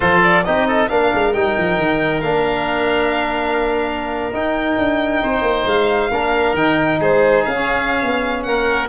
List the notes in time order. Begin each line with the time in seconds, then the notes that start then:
0.00 F3 F4 A4 C5
0.23 D5
0.45 C4 D#4 G4 D#5
0.67 A4
0.88 A#3 D4 A#4 F5
1.13 G#3
1.33 G3 D#4 G5
1.57 F3
1.77 D#3
2.20 A#3 D4 F5
4.32 D#4 G5
4.78 D4
5.22 C4 C5
5.41 A#3
5.65 G#3 F5
6.11 A#3 D4 A#4
6.53 D#3 D#4 G5
6.99 G#3 G#4 C5
7.45 C#4 F5
7.54 C#4
8.02 B3
8.43 A#3 A#4 F#5